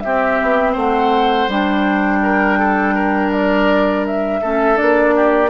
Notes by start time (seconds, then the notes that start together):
0.00 C4 G4 E5
0.41 B3
0.73 A3 C5 F#5
1.48 G3 D4 G5
2.23 A#4
2.59 A4
2.94 A#4
3.32 D5
4.06 E5
4.41 A3 C#4 A4
4.75 D4 D5
4.81 A#3
5.16 G4